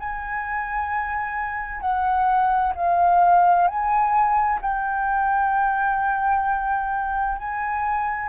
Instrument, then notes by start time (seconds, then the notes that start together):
flute
0.00 G#5
1.81 F#5
2.75 F5
3.68 G#5
4.62 G5
7.38 G#5